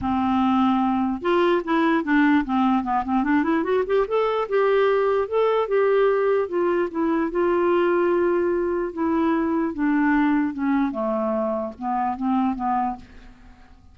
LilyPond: \new Staff \with { instrumentName = "clarinet" } { \time 4/4 \tempo 4 = 148 c'2. f'4 | e'4 d'4 c'4 b8 c'8 | d'8 e'8 fis'8 g'8 a'4 g'4~ | g'4 a'4 g'2 |
f'4 e'4 f'2~ | f'2 e'2 | d'2 cis'4 a4~ | a4 b4 c'4 b4 | }